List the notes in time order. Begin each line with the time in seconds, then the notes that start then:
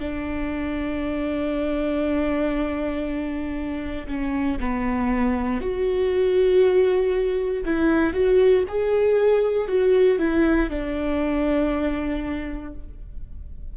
0.00 D4
4.08 C#4
4.60 B3
5.61 F#4
7.65 E4
8.14 F#4
8.69 G#4
9.68 F#4
10.19 E4
10.70 D4